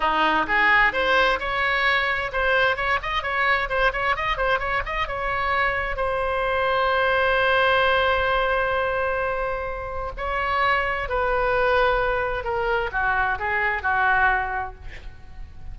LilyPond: \new Staff \with { instrumentName = "oboe" } { \time 4/4 \tempo 4 = 130 dis'4 gis'4 c''4 cis''4~ | cis''4 c''4 cis''8 dis''8 cis''4 | c''8 cis''8 dis''8 c''8 cis''8 dis''8 cis''4~ | cis''4 c''2.~ |
c''1~ | c''2 cis''2 | b'2. ais'4 | fis'4 gis'4 fis'2 | }